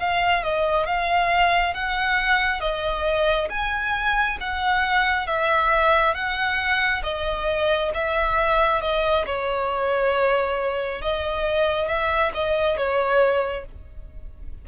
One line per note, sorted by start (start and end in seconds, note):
0.00 0.44 F5
0.44 0.87 D#5
0.87 1.74 F5
1.74 2.61 F#5
2.61 3.49 D#5
3.50 4.38 G#5
4.41 5.27 F#5
5.27 6.15 E5
6.15 7.03 F#5
7.04 7.92 D#5
7.95 8.82 E5
8.82 9.26 D#5
9.26 11.02 C#5
11.02 11.88 D#5
11.88 12.32 E5
12.34 12.78 D#5
12.78 13.66 C#5